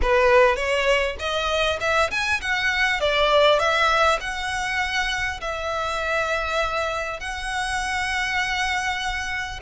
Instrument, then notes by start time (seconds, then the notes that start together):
violin
0.01 B4
0.56 C#5
1.19 D#5
1.80 E5
2.10 G#5
2.41 F#5
3.00 D5
3.59 E5
4.20 F#5
5.40 E5
7.20 F#5